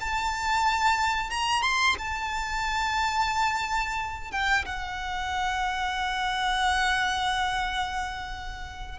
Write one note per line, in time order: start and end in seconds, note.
0.00 1.30 A5
1.30 1.62 A#5
1.62 1.95 C6
1.98 4.31 A5
4.31 4.65 G5
4.65 8.98 F#5